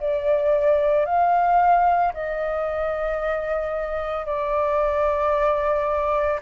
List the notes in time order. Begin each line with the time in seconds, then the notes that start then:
0.00 D5
1.05 F5
2.13 D#5
4.25 D5